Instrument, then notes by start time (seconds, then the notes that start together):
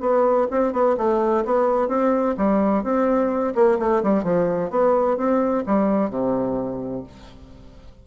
bassoon
0.00 B3
0.50 C4
0.72 B3
0.97 A3
1.45 B3
1.88 C4
2.37 G3
2.83 C4
3.55 A#3
3.79 A3
4.03 G3
4.23 F3
4.70 B3
5.17 C4
5.66 G3
6.10 C3